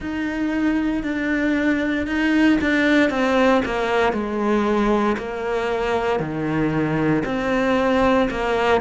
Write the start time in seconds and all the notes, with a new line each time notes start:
0.00 D#4
1.03 D4
2.06 D#4
2.61 D4
3.10 C4
3.65 A#3
4.12 G#3
5.17 A#3
6.19 D#3
7.25 C4
8.30 A#3